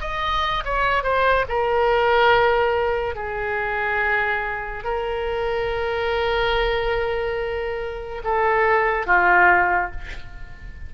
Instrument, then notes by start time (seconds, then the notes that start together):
oboe
0.00 D#5
0.64 C#5
1.03 C5
1.48 A#4
3.15 G#4
4.83 A#4
8.24 A4
9.06 F4